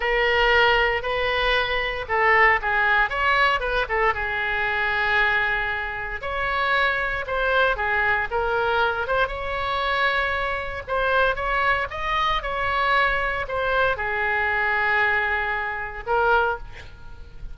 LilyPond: \new Staff \with { instrumentName = "oboe" } { \time 4/4 \tempo 4 = 116 ais'2 b'2 | a'4 gis'4 cis''4 b'8 a'8 | gis'1 | cis''2 c''4 gis'4 |
ais'4. c''8 cis''2~ | cis''4 c''4 cis''4 dis''4 | cis''2 c''4 gis'4~ | gis'2. ais'4 | }